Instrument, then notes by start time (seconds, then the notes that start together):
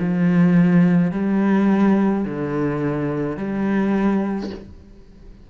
cello
0.00 F3
1.12 G3
2.25 D3
3.37 G3